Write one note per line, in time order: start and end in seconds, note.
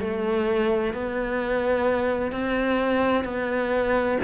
0.00 0.94 A3
0.94 2.32 B3
2.32 3.24 C4
3.24 4.18 B3